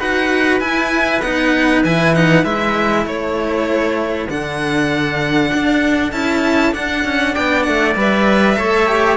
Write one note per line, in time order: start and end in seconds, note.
0.00 0.61 D#4
0.00 0.60 F#4
0.00 3.06 B4
0.00 0.60 F#5
0.60 1.22 E4
0.60 1.22 G#5
1.22 1.83 B3
1.22 1.86 D#4
1.22 1.83 F#5
1.84 2.45 E3
1.84 2.16 E4
1.84 2.15 G#5
2.15 2.45 D#4
2.15 2.45 F#5
2.45 3.06 G#3
2.45 4.28 E4
2.45 3.06 E5
3.06 4.28 A3
3.06 7.34 A4
3.06 4.30 C#5
4.29 5.52 D3
4.29 6.12 D4
4.29 6.12 F#5
5.54 6.12 D4
6.12 6.74 C#4
6.12 6.73 E4
6.12 6.73 A5
6.73 7.95 D4
6.73 7.05 D4
6.73 7.35 F#5
7.05 7.35 C#4
7.34 7.68 B3
7.34 8.57 D5
7.34 7.63 G5
7.63 7.96 A3
7.63 7.94 F#5
7.96 8.57 G3
7.96 8.57 B4
7.96 9.18 E5
8.57 9.18 A3
8.57 8.88 A4
8.57 9.18 C#5
8.88 9.18 G4